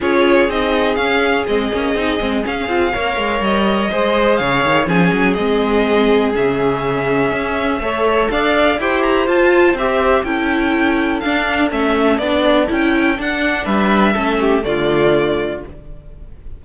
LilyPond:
<<
  \new Staff \with { instrumentName = "violin" } { \time 4/4 \tempo 4 = 123 cis''4 dis''4 f''4 dis''4~ | dis''4 f''2 dis''4~ | dis''4 f''4 gis''4 dis''4~ | dis''4 e''2.~ |
e''4 f''4 g''8 ais''8 a''4 | e''4 g''2 f''4 | e''4 d''4 g''4 fis''4 | e''2 d''2 | }
  \new Staff \with { instrumentName = "violin" } { \time 4/4 gis'1~ | gis'2 cis''2 | c''4 cis''4 gis'2~ | gis'1 |
cis''4 d''4 c''2~ | c''4 a'2.~ | a'1 | b'4 a'8 g'8 f'2 | }
  \new Staff \with { instrumentName = "viola" } { \time 4/4 f'4 dis'4 cis'4 c'8 cis'8 | dis'8 c'8 cis'8 f'8 ais'2 | gis'2 cis'4 c'4~ | c'4 cis'2. |
a'2 g'4 f'4 | g'4 e'2 d'4 | cis'4 d'4 e'4 d'4~ | d'4 cis'4 a2 | }
  \new Staff \with { instrumentName = "cello" } { \time 4/4 cis'4 c'4 cis'4 gis8 ais8 | c'8 gis8 cis'8 c'8 ais8 gis8 g4 | gis4 cis8 dis8 f8 fis8 gis4~ | gis4 cis2 cis'4 |
a4 d'4 e'4 f'4 | c'4 cis'2 d'4 | a4 b4 cis'4 d'4 | g4 a4 d2 | }
>>